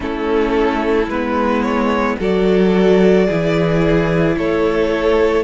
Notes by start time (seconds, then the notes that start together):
0.00 A3 C#4 E4 A4
1.07 G#3 B3 B4
1.62 C#5
2.19 F#3 F#4 A4 D5
3.27 E3 E4 G#4
4.36 A3 A4 C#5